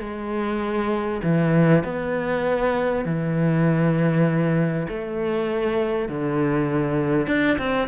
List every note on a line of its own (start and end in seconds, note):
0.00 1.21 G#3
1.23 1.84 E3
1.84 3.05 B3
3.05 4.87 E3
4.88 6.09 A3
6.09 7.27 D3
7.27 7.57 D4
7.58 7.88 C4